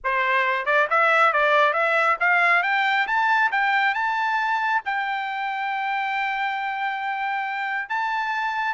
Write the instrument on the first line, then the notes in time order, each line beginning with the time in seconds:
trumpet
0.04 C5
0.65 D5
0.90 E5
1.32 D5
1.73 E5
2.20 F5
2.63 G5
3.07 A5
3.51 G5
3.94 A5
4.85 G5
7.89 A5